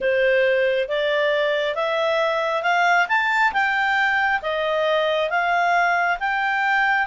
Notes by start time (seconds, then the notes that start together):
0.00 C5
0.88 D5
1.74 E5
2.62 F5
3.08 A5
3.52 G5
4.42 D#5
5.29 F5
6.19 G5